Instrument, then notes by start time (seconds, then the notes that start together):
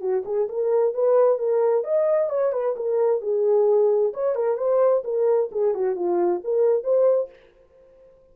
horn
0.00 F#4
0.25 G#4
0.49 A#4
0.94 B4
1.38 A#4
1.84 D#5
2.30 C#5
2.52 B4
2.76 A#4
3.21 G#4
4.13 C#5
4.35 A#4
4.57 C5
5.04 A#4
5.51 G#4
5.74 F#4
5.95 F4
6.44 A#4
6.83 C5